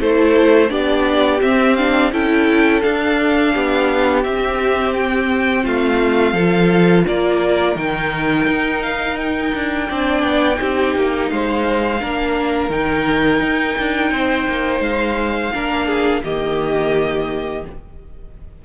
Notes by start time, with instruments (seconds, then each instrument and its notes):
0.00 cello A3, viola E4, violin A4 C5
0.69 cello B3, viola D4, violin G4 D5
1.42 cello C4, viola C4, violin E5
1.76 viola D4, violin F5
2.12 cello C#4, viola E4, violin A4 G5
2.82 viola D4, cello D4, violin F5
3.54 cello B3, violin G4
4.24 cello C4, viola C4, violin E5
4.95 violin G5
5.64 cello A3, violin F4 F5
6.34 cello F3, viola F4, violin A4
7.07 cello A#3, violin A#4 D5
7.76 cello D#3, viola D#4, violin G5
8.48 cello D#4
8.83 violin F5
9.18 violin G5
9.55 cello D4
9.89 cello C4, viola D4, violin D5
10.24 cello B3
10.55 viola D#4, violin G4
10.61 cello C4
10.96 cello A#3
11.30 cello G#3, violin C5 F5
12.01 cello A#3, viola D4, violin A#4
12.70 cello D#3, viola D#4, violin G5
13.41 cello D#4
13.79 cello D4
14.12 cello C4, violin C5
14.48 cello A#3
14.80 cello G#3, violin F5
15.53 cello A#3, viola D4, violin A#4
15.87 violin G#4
16.24 cello D#3, viola A#3, violin G4 D#5